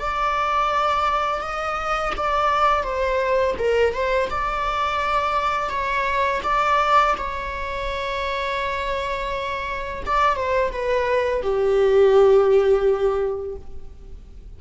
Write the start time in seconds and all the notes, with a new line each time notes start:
0.00 D5
1.42 D#5
2.17 D5
2.83 C5
3.59 A#4
3.94 C5
4.30 D5
5.70 C#5
6.44 D5
7.18 C#5
10.06 D5
10.36 C5
10.72 B4
11.42 G4